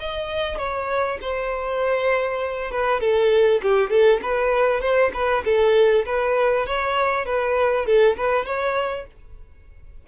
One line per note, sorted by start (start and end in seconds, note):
0.00 0.58 D#5
0.58 1.19 C#5
1.22 2.72 C5
2.72 3.01 B4
3.01 3.61 A4
3.63 3.90 G4
3.90 4.21 A4
4.23 4.81 B4
4.81 5.12 C5
5.14 5.44 B4
5.45 6.06 A4
6.06 6.67 B4
6.67 7.26 C#5
7.26 7.87 B4
7.87 8.17 A4
8.17 8.46 B4
8.46 9.07 C#5